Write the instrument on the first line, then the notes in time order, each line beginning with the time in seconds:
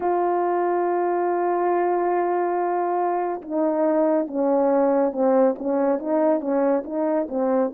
horn
0.00 F4
3.41 D#4
4.27 C#4
5.12 C4
5.58 C#4
5.98 D#4
6.40 C#4
6.84 D#4
7.29 C4